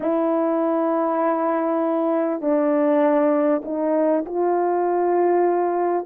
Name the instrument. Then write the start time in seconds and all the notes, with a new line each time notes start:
horn
0.00 E4
2.41 D4
3.64 D#4
4.25 F4